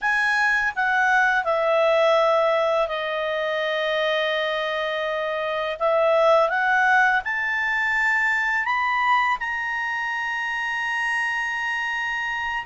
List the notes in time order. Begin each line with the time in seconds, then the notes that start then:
0.01 G#5
0.75 F#5
1.44 E5
2.88 D#5
5.79 E5
6.49 F#5
7.24 A5
8.65 B5
9.39 A#5